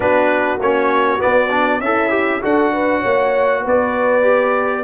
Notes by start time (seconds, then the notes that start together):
0.00 B3 D4 F#4 B4
0.58 A#3 C#4 C#5
1.18 B3 D5
1.24 B3
1.50 D4
1.80 C#4 E4 A4 E5
2.10 G4
2.41 D4 F#4 A4 F#5
2.72 B4
3.00 A#3 C#5
3.61 B3 B4
3.67 D5
4.22 G4